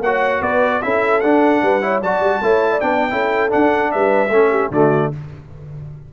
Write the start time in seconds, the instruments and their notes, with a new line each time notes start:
0.00 tuba A#3, trombone F#4, horn C#5, trumpet F#5
0.41 tuba B3, horn B4, trumpet D5
0.82 tuba C#4, trombone E4, horn A4, trumpet E5
1.20 tuba D4, trombone D4, trumpet F#5
1.62 tuba G3, horn B4
1.81 trombone E4, horn C#5
2.02 tuba F#3, trombone F#4, horn D5, trumpet A5
2.20 tuba G3
2.41 tuba A3, trombone E4, horn C#5
2.71 horn D5
2.80 tuba B3, trombone D4, trumpet G5
3.10 tuba C#4, trombone E4, horn A4
3.49 trombone D4, tuba D4, trumpet F#5
3.91 tuba G3, horn B4, trumpet E5
4.29 tuba A3, trombone C#4, horn A4
4.50 horn G4
4.71 tuba D3, trombone A3, horn F#4, trumpet D5